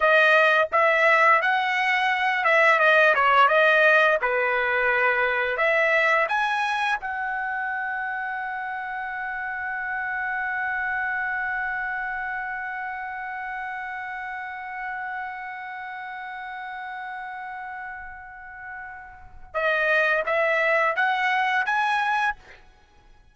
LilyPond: \new Staff \with { instrumentName = "trumpet" } { \time 4/4 \tempo 4 = 86 dis''4 e''4 fis''4. e''8 | dis''8 cis''8 dis''4 b'2 | e''4 gis''4 fis''2~ | fis''1~ |
fis''1~ | fis''1~ | fis''1 | dis''4 e''4 fis''4 gis''4 | }